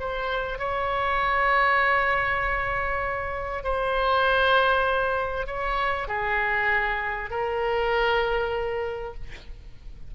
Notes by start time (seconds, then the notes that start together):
0.00 C5
0.59 C#5
3.64 C5
5.47 C#5
6.08 G#4
7.30 A#4